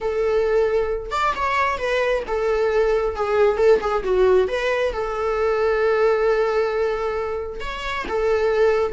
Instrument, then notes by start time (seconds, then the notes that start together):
viola
0.00 A4
1.11 D5
1.35 C#5
1.78 B4
2.27 A4
3.15 G#4
3.57 A4
3.81 G#4
4.03 F#4
4.48 B4
4.92 A4
7.60 C#5
8.08 A4